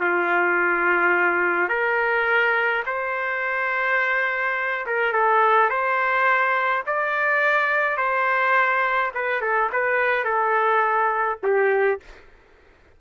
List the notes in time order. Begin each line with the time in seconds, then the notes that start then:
0.00 F4
1.69 A#4
2.86 C5
4.87 A#4
5.14 A4
5.70 C5
6.87 D5
7.98 C5
9.15 B4
9.42 A4
9.73 B4
10.25 A4
11.44 G4